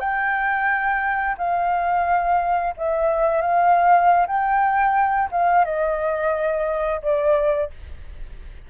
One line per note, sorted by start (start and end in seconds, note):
0.00 1.36 G5
1.38 2.74 F5
2.77 3.42 E5
3.42 4.27 F5
4.27 5.29 G5
5.32 5.65 F5
5.65 7.01 D#5
7.02 7.70 D5